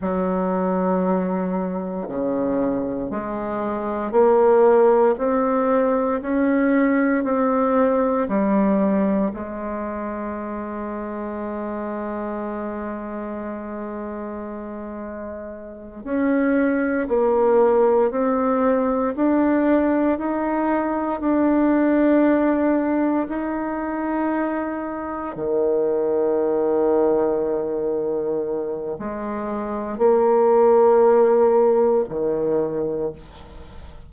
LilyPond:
\new Staff \with { instrumentName = "bassoon" } { \time 4/4 \tempo 4 = 58 fis2 cis4 gis4 | ais4 c'4 cis'4 c'4 | g4 gis2.~ | gis2.~ gis8 cis'8~ |
cis'8 ais4 c'4 d'4 dis'8~ | dis'8 d'2 dis'4.~ | dis'8 dis2.~ dis8 | gis4 ais2 dis4 | }